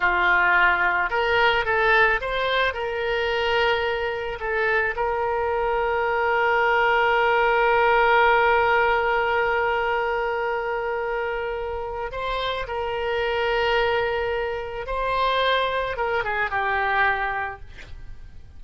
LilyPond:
\new Staff \with { instrumentName = "oboe" } { \time 4/4 \tempo 4 = 109 f'2 ais'4 a'4 | c''4 ais'2. | a'4 ais'2.~ | ais'1~ |
ais'1~ | ais'2 c''4 ais'4~ | ais'2. c''4~ | c''4 ais'8 gis'8 g'2 | }